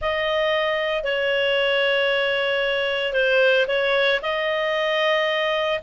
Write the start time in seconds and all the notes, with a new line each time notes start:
0.00 D#5
1.03 C#5
3.13 C5
3.67 C#5
4.22 D#5